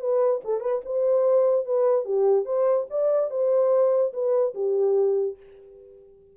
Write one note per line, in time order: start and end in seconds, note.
0.00 0.41 B4
0.44 0.60 A4
0.60 0.81 B4
0.85 1.65 C5
1.65 2.04 B4
2.04 2.45 G4
2.45 2.86 C5
2.90 3.30 D5
3.30 4.12 C5
4.13 4.54 B4
4.54 5.36 G4